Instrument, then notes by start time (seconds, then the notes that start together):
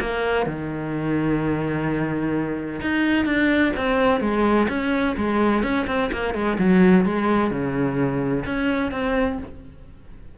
cello
0.00 A#3
0.46 D#3
2.81 D#4
3.25 D4
3.76 C4
4.20 G#3
4.68 C#4
5.16 G#3
5.62 C#4
5.87 C4
6.12 A#3
6.34 G#3
6.58 F#3
7.05 G#3
7.50 C#3
8.45 C#4
8.91 C4